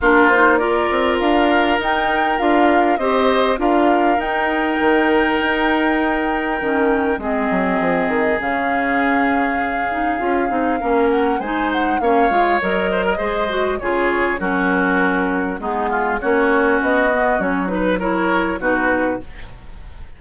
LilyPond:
<<
  \new Staff \with { instrumentName = "flute" } { \time 4/4 \tempo 4 = 100 ais'8 c''8 d''4 f''4 g''4 | f''4 dis''4 f''4 g''4~ | g''1 | dis''2 f''2~ |
f''2~ f''8 fis''8 gis''8 fis''8 | f''4 dis''2 cis''4 | ais'2 gis'4 cis''4 | dis''4 cis''8 b'8 cis''4 b'4 | }
  \new Staff \with { instrumentName = "oboe" } { \time 4/4 f'4 ais'2.~ | ais'4 c''4 ais'2~ | ais'1 | gis'1~ |
gis'2 ais'4 c''4 | cis''4. c''16 ais'16 c''4 gis'4 | fis'2 dis'8 f'8 fis'4~ | fis'4. b'8 ais'4 fis'4 | }
  \new Staff \with { instrumentName = "clarinet" } { \time 4/4 d'8 dis'8 f'2 dis'4 | f'4 g'4 f'4 dis'4~ | dis'2. cis'4 | c'2 cis'2~ |
cis'8 dis'8 f'8 dis'8 cis'4 dis'4 | cis'8 f'8 ais'4 gis'8 fis'8 f'4 | cis'2 b4 cis'4~ | cis'8 b8 cis'8 dis'8 e'4 dis'4 | }
  \new Staff \with { instrumentName = "bassoon" } { \time 4/4 ais4. c'8 d'4 dis'4 | d'4 c'4 d'4 dis'4 | dis4 dis'2 dis4 | gis8 fis8 f8 dis8 cis2~ |
cis4 cis'8 c'8 ais4 gis4 | ais8 gis8 fis4 gis4 cis4 | fis2 gis4 ais4 | b4 fis2 b,4 | }
>>